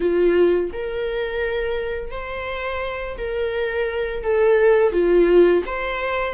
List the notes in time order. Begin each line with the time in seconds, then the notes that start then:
0.00 F4
0.72 A#4
2.11 C5
3.17 A#4
4.23 A4
4.92 F4
5.65 C5